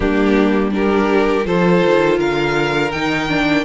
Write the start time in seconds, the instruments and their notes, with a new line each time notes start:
0.00 cello G3, viola A#3, violin D4 G4
0.71 viola D4, violin G4 A#4
1.44 cello F3, viola F4, violin A4 C5
1.85 cello D#3
2.18 cello D3, violin A#4 F5
2.91 cello D#3, viola D#4, violin G5
3.28 viola D4